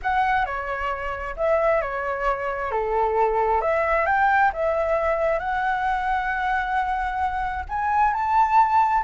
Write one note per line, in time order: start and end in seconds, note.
0.02 0.45 F#5
0.45 1.35 C#5
1.36 1.81 E5
1.81 2.71 C#5
2.71 3.61 A4
3.61 4.06 E5
4.06 4.51 G5
4.53 5.39 E5
5.39 7.64 F#5
7.68 8.13 G#5
8.13 9.03 A5